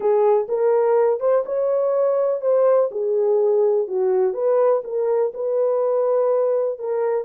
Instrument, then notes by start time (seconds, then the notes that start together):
horn
0.00 G#4
0.48 A#4
1.19 C5
1.45 C#5
2.41 C5
2.91 G#4
3.87 F#4
4.33 B4
4.84 A#4
5.34 B4
6.79 A#4